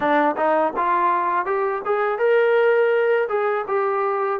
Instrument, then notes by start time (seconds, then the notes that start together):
trombone
0.00 D4
0.36 D#4
0.76 F4
1.45 G4
1.85 G#4
2.18 A#4
3.28 G#4
3.67 G4